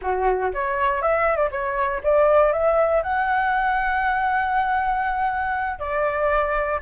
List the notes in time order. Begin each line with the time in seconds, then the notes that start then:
0.01 F#4
0.53 C#5
1.02 E5
1.36 D5
1.51 C#5
2.03 D5
2.52 E5
3.02 F#5
5.79 D5